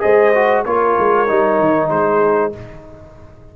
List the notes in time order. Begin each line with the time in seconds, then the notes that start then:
0.00 G#3 G#4 C5 D#5
0.34 F#4
0.64 A#3 F4 A#4 C#5
0.98 G#3
1.27 G3 D#4
1.59 D#3
1.89 G#3 G#4 C5